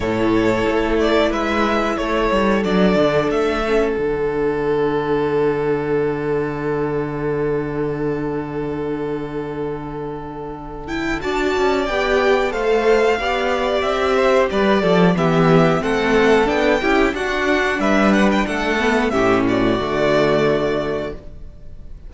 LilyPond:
<<
  \new Staff \with { instrumentName = "violin" } { \time 4/4 \tempo 4 = 91 cis''4. d''8 e''4 cis''4 | d''4 e''4 fis''2~ | fis''1~ | fis''1~ |
fis''8 g''8 a''4 g''4 f''4~ | f''4 e''4 d''4 e''4 | fis''4 g''4 fis''4 e''8 fis''16 g''16 | fis''4 e''8 d''2~ d''8 | }
  \new Staff \with { instrumentName = "violin" } { \time 4/4 a'2 b'4 a'4~ | a'1~ | a'1~ | a'1~ |
a'4 d''2 c''4 | d''4. c''8 b'8 a'8 g'4 | a'4. g'8 fis'4 b'4 | a'4 g'8 fis'2~ fis'8 | }
  \new Staff \with { instrumentName = "viola" } { \time 4/4 e'1 | d'4. cis'8 d'2~ | d'1~ | d'1~ |
d'8 e'8 fis'4 g'4 a'4 | g'2. b4 | c'4 d'8 e'8 d'2~ | d'8 b8 cis'4 a2 | }
  \new Staff \with { instrumentName = "cello" } { \time 4/4 a,4 a4 gis4 a8 g8 | fis8 d8 a4 d2~ | d1~ | d1~ |
d4 d'8 cis'8 b4 a4 | b4 c'4 g8 f8 e4 | a4 b8 cis'8 d'4 g4 | a4 a,4 d2 | }
>>